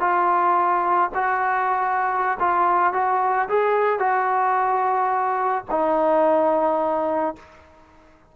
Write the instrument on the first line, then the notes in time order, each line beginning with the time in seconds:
trombone
0.00 F4
1.14 F#4
2.40 F4
2.93 F#4
3.49 G#4
3.99 F#4
5.70 D#4